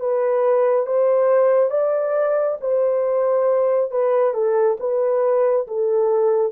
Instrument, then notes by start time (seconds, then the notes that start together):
horn
0.00 B4
0.86 C5
1.70 D5
2.60 C5
3.91 B4
4.34 A4
4.80 B4
5.68 A4